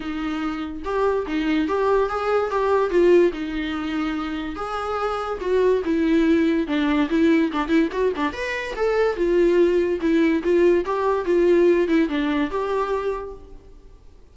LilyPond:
\new Staff \with { instrumentName = "viola" } { \time 4/4 \tempo 4 = 144 dis'2 g'4 dis'4 | g'4 gis'4 g'4 f'4 | dis'2. gis'4~ | gis'4 fis'4 e'2 |
d'4 e'4 d'8 e'8 fis'8 d'8 | b'4 a'4 f'2 | e'4 f'4 g'4 f'4~ | f'8 e'8 d'4 g'2 | }